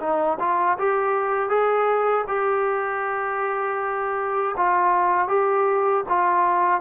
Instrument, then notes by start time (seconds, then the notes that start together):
trombone
0.00 D#4
0.40 F4
0.78 G4
1.49 G#4
2.28 G4
4.57 F4
5.28 G4
6.09 F4